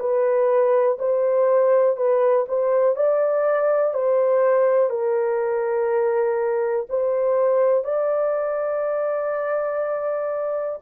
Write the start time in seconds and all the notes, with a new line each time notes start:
0.00 B4
0.99 C5
1.97 B4
2.49 C5
2.96 D5
3.94 C5
4.90 A#4
6.90 C5
7.85 D5